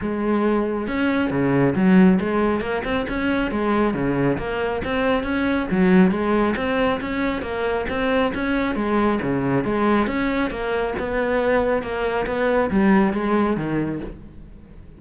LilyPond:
\new Staff \with { instrumentName = "cello" } { \time 4/4 \tempo 4 = 137 gis2 cis'4 cis4 | fis4 gis4 ais8 c'8 cis'4 | gis4 cis4 ais4 c'4 | cis'4 fis4 gis4 c'4 |
cis'4 ais4 c'4 cis'4 | gis4 cis4 gis4 cis'4 | ais4 b2 ais4 | b4 g4 gis4 dis4 | }